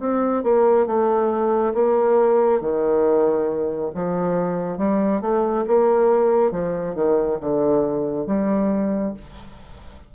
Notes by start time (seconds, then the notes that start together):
0.00 C4
0.44 A#3
0.87 A3
1.74 A#3
2.61 D#3
3.95 F3
4.78 G3
5.22 A3
5.68 A#3
6.52 F3
6.95 D#3
7.41 D3
8.27 G3